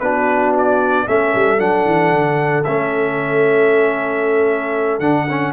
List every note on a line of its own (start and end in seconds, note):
0.00 1.07 B3
0.00 1.07 D4
0.00 1.06 F#4
0.00 0.53 B4
0.58 1.08 D5
1.06 1.35 A3
1.06 1.59 C#4
1.06 5.53 A4
1.06 1.60 E5
1.35 1.60 G3
1.59 1.86 F#3
1.59 2.64 D4
1.59 2.64 F#5
1.86 2.12 E3
2.12 2.65 D3
2.64 5.00 A3
2.64 5.01 C#4
2.64 5.00 E5
5.00 5.52 D3
5.00 5.28 D4
5.00 5.53 F#5
5.30 5.54 C#4